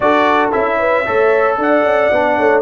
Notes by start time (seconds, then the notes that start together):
0.00 D4 F#4 A4 D5
0.52 C#4 E4 E5
0.78 B4
1.05 A3 A4 C#5
1.58 D4 D5 F#5
1.82 C#4
2.11 B3 D4
2.37 A3 C#5